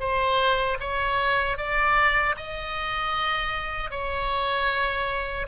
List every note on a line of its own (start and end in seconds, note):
0.00 0.78 C5
0.80 1.58 C#5
1.58 2.36 D5
2.37 3.91 D#5
3.91 5.47 C#5